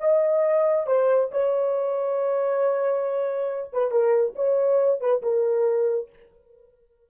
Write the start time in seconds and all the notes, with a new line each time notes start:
0.00 D#5
0.87 C5
1.32 C#5
3.73 B4
3.91 A#4
4.36 C#5
5.00 B4
5.23 A#4